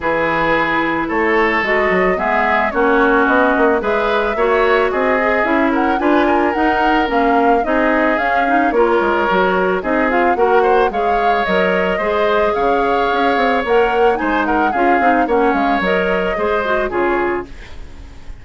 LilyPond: <<
  \new Staff \with { instrumentName = "flute" } { \time 4/4 \tempo 4 = 110 b'2 cis''4 dis''4 | e''4 cis''4 dis''4 e''4~ | e''4 dis''4 e''8 fis''8 gis''4 | fis''4 f''4 dis''4 f''4 |
cis''2 dis''8 f''8 fis''4 | f''4 dis''2 f''4~ | f''4 fis''4 gis''8 fis''8 f''4 | fis''8 f''8 dis''2 cis''4 | }
  \new Staff \with { instrumentName = "oboe" } { \time 4/4 gis'2 a'2 | gis'4 fis'2 b'4 | cis''4 gis'4. ais'8 b'8 ais'8~ | ais'2 gis'2 |
ais'2 gis'4 ais'8 c''8 | cis''2 c''4 cis''4~ | cis''2 c''8 ais'8 gis'4 | cis''2 c''4 gis'4 | }
  \new Staff \with { instrumentName = "clarinet" } { \time 4/4 e'2. fis'4 | b4 cis'2 gis'4 | fis'4. gis'8 e'4 f'4 | dis'4 cis'4 dis'4 cis'8 dis'8 |
f'4 fis'4 dis'8 f'8 fis'4 | gis'4 ais'4 gis'2~ | gis'4 ais'4 dis'4 f'8 dis'8 | cis'4 ais'4 gis'8 fis'8 f'4 | }
  \new Staff \with { instrumentName = "bassoon" } { \time 4/4 e2 a4 gis8 fis8 | gis4 ais4 b8 ais8 gis4 | ais4 c'4 cis'4 d'4 | dis'4 ais4 c'4 cis'4 |
ais8 gis8 fis4 c'4 ais4 | gis4 fis4 gis4 cis4 | cis'8 c'8 ais4 gis4 cis'8 c'8 | ais8 gis8 fis4 gis4 cis4 | }
>>